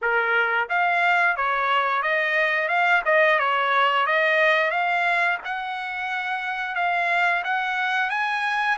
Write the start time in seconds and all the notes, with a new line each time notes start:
0.01 A#4
0.69 F5
1.36 C#5
2.02 D#5
2.68 F5
3.05 D#5
3.39 C#5
4.06 D#5
4.70 F5
5.44 F#5
6.75 F5
7.43 F#5
8.10 G#5